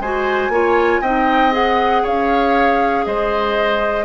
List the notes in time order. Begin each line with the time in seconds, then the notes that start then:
0.00 G#3 F#4 C5 G#5
0.49 A#3 F4 C#5
1.02 C4 D#4 D#5 G5
1.52 G#4 F#5
2.03 C#4 C#5 F5
3.06 G#3 C5 D#5